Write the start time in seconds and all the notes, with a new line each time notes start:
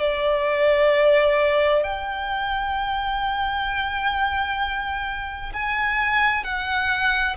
0.00 D5
1.84 G5
5.53 G#5
6.44 F#5